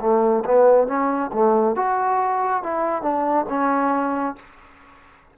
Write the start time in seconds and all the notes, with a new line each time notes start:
0.00 A3
0.45 B3
0.87 C#4
1.33 A3
1.75 F#4
2.62 E4
3.02 D4
3.49 C#4